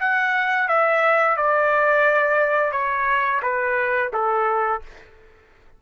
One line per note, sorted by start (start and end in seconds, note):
0.00 0.68 F#5
0.68 1.37 E5
1.37 2.72 D5
2.72 3.41 C#5
3.43 4.12 B4
4.13 4.82 A4